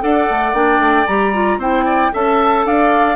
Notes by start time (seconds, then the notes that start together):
0.00 D4 A4 D5 F#5
0.30 A3
0.53 A#3 D4 G5
0.79 A3
1.06 G3 G4 A#5
1.33 F4
1.57 C4 E4 C5 G5
1.85 D5
2.12 C#4 A4 E5 A5
2.65 D4 D5 F5